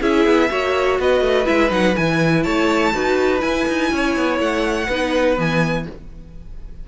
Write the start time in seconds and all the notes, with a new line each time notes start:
0.00 C#4 E4 G#4 E5
0.25 B3
0.49 A#3 F#4 C#5
0.99 B3 B4 D#5
1.21 A3
1.45 G#3 E4 E5
1.69 F#3 D#4 F#5
1.95 E3 E4 G#5
2.43 A3 C#5 A5
2.93 D#4 F#4 B4
3.39 E4 G#5
3.67 D#4
3.91 C#4 C#5
4.16 B3
4.39 A3 F#5
4.87 B3 D#4 B4
5.36 E3 B3 G#5